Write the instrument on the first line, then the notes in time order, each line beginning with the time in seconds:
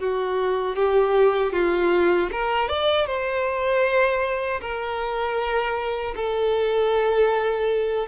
violin
0.00 F#4
0.76 G4
1.53 F4
2.32 A#4
2.69 D5
3.07 C5
4.62 A#4
6.16 A4